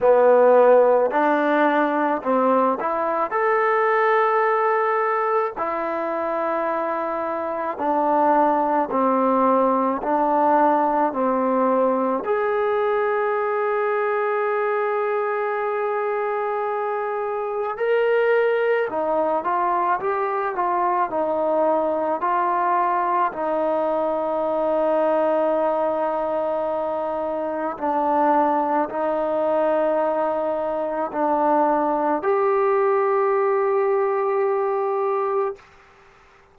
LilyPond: \new Staff \with { instrumentName = "trombone" } { \time 4/4 \tempo 4 = 54 b4 d'4 c'8 e'8 a'4~ | a'4 e'2 d'4 | c'4 d'4 c'4 gis'4~ | gis'1 |
ais'4 dis'8 f'8 g'8 f'8 dis'4 | f'4 dis'2.~ | dis'4 d'4 dis'2 | d'4 g'2. | }